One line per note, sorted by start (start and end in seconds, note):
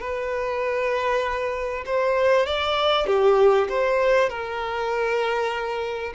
0.00 1.84 B4
1.86 2.46 C5
2.46 3.06 D5
3.06 3.68 G4
3.69 4.29 C5
4.29 6.13 A#4